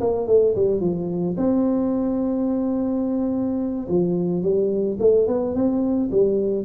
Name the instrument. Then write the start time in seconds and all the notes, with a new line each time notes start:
tuba
0.00 A#3
0.27 A3
0.55 G3
0.80 F3
1.37 C4
3.88 F3
4.42 G3
4.99 A3
5.27 B3
5.54 C4
6.11 G3